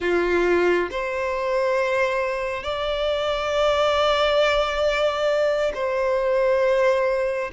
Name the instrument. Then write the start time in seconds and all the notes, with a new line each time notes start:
violin
0.00 F4
0.90 C5
2.63 D5
5.74 C5